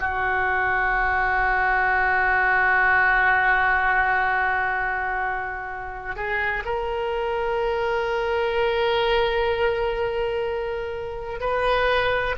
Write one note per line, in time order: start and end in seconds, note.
0.00 6.16 F#4
6.16 6.64 G#4
6.65 11.40 A#4
11.40 12.35 B4